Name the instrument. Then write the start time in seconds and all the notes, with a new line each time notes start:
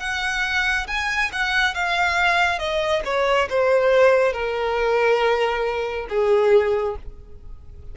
violin
0.00 F#5
0.88 G#5
1.32 F#5
1.75 F5
2.59 D#5
3.05 C#5
3.50 C5
4.33 A#4
6.09 G#4